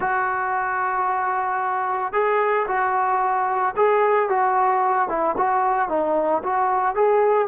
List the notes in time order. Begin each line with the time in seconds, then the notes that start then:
0.00 F#4
2.12 G#4
2.67 F#4
3.76 G#4
4.29 F#4
5.08 E4
5.37 F#4
5.88 D#4
6.43 F#4
6.95 G#4